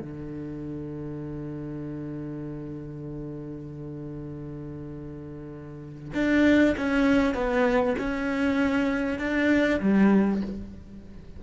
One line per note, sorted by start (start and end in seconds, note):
0.00 6.12 D3
6.14 6.75 D4
6.77 7.34 C#4
7.34 7.95 B3
7.98 9.18 C#4
9.18 9.80 D4
9.80 10.41 G3